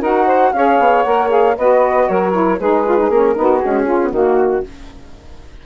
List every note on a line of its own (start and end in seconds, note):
0.00 0.52 D#4
0.00 0.54 F#4
0.00 0.26 A#4
0.00 0.53 F#5
0.26 0.52 C5
0.53 0.79 C#4
0.53 1.05 G#4
0.53 1.57 C#5
0.53 1.03 F5
0.79 1.05 B3
1.03 1.57 A#3
1.03 1.28 A#4
1.03 1.28 F#5
1.28 1.54 G#4
1.28 1.57 F5
1.57 2.09 B3
1.57 2.32 F#4
1.57 2.08 B4
1.57 2.08 D#5
2.08 2.59 F#3
2.08 2.59 A#4
2.08 2.59 C#5
2.32 2.58 E4
2.59 3.09 G#3
2.59 2.86 D#4
2.59 3.36 G#4
2.59 3.11 B4
2.86 2.97 F4
2.97 3.10 D#4
3.09 3.35 A#3
3.09 3.35 C#4
3.09 3.59 A#4
3.35 3.63 B3
3.35 3.61 D#4
3.35 3.85 F#4
3.59 3.86 G#3
3.59 4.11 C#4
3.59 4.10 G#4
3.85 3.99 C#4
3.85 4.11 F4
4.02 4.13 B3
4.11 4.63 D#3
4.11 4.65 A#3
4.11 4.63 F#4
4.11 4.66 F#4